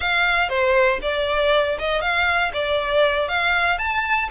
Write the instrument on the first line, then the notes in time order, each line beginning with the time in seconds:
violin
0.00 F5
0.49 C5
1.02 D5
1.79 D#5
2.01 F5
2.53 D5
3.28 F5
3.78 A5